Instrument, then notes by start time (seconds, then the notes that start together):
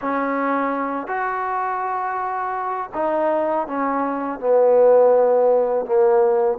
trombone
0.01 C#4
1.07 F#4
2.94 D#4
3.67 C#4
4.39 B3
5.85 A#3